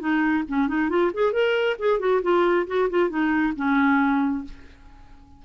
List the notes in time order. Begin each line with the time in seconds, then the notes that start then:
0.00 D#4
0.48 C#4
0.68 D#4
0.90 F4
1.14 G#4
1.33 A#4
1.79 G#4
2.00 F#4
2.23 F4
2.67 F#4
2.90 F4
3.10 D#4
3.57 C#4